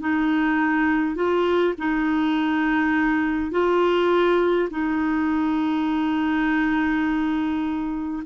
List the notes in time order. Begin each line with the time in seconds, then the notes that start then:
0.00 D#4
1.15 F4
1.78 D#4
3.51 F4
4.71 D#4